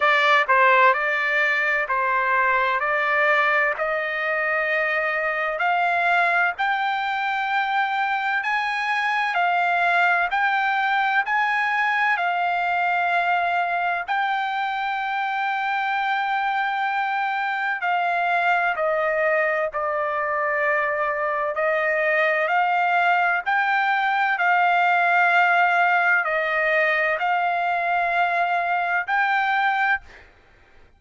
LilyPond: \new Staff \with { instrumentName = "trumpet" } { \time 4/4 \tempo 4 = 64 d''8 c''8 d''4 c''4 d''4 | dis''2 f''4 g''4~ | g''4 gis''4 f''4 g''4 | gis''4 f''2 g''4~ |
g''2. f''4 | dis''4 d''2 dis''4 | f''4 g''4 f''2 | dis''4 f''2 g''4 | }